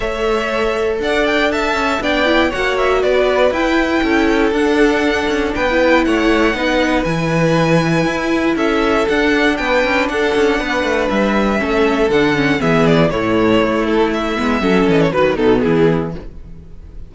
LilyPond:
<<
  \new Staff \with { instrumentName = "violin" } { \time 4/4 \tempo 4 = 119 e''2 fis''8 g''8 a''4 | g''4 fis''8 e''8 d''4 g''4~ | g''4 fis''2 g''4 | fis''2 gis''2~ |
gis''4 e''4 fis''4 g''4 | fis''2 e''2 | fis''4 e''8 d''8 cis''4. a'8 | e''4. dis''16 cis''16 b'8 a'8 gis'4 | }
  \new Staff \with { instrumentName = "violin" } { \time 4/4 cis''2 d''4 e''4 | d''4 cis''4 b'2 | a'2. b'4 | cis''4 b'2.~ |
b'4 a'2 b'4 | a'4 b'2 a'4~ | a'4 gis'4 e'2~ | e'4 a'4 b'8 dis'8 e'4 | }
  \new Staff \with { instrumentName = "viola" } { \time 4/4 a'1 | d'8 e'8 fis'2 e'4~ | e'4 d'2~ d'16 e'8.~ | e'4 dis'4 e'2~ |
e'2 d'2~ | d'2. cis'4 | d'8 cis'8 b4 a2~ | a8 b8 cis'4 fis8 b4. | }
  \new Staff \with { instrumentName = "cello" } { \time 4/4 a2 d'4. cis'8 | b4 ais4 b4 e'4 | cis'4 d'4. cis'8 b4 | a4 b4 e2 |
e'4 cis'4 d'4 b8 cis'8 | d'8 cis'8 b8 a8 g4 a4 | d4 e4 a,4 a4~ | a8 gis8 fis8 e8 dis8 b,8 e4 | }
>>